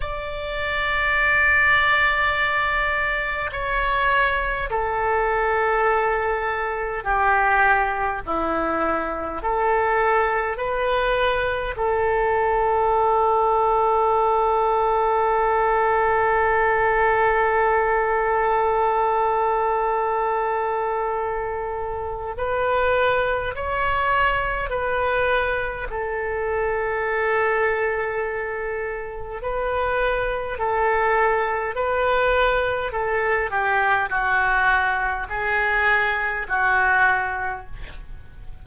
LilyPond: \new Staff \with { instrumentName = "oboe" } { \time 4/4 \tempo 4 = 51 d''2. cis''4 | a'2 g'4 e'4 | a'4 b'4 a'2~ | a'1~ |
a'2. b'4 | cis''4 b'4 a'2~ | a'4 b'4 a'4 b'4 | a'8 g'8 fis'4 gis'4 fis'4 | }